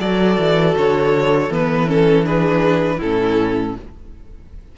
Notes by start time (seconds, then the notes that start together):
0.00 F#3 F#4 A4 D5
0.39 E3
0.78 D3 C#5
1.50 E3 B3 B4
1.88 C#4 A4
2.24 D4 G#4 B4
2.97 A2 C#4 E4 A4